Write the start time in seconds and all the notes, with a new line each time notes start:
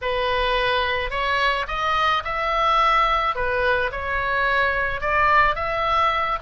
0.01 B4
1.10 C#5
1.67 D#5
2.24 E5
3.35 B4
3.91 C#5
5.00 D5
5.55 E5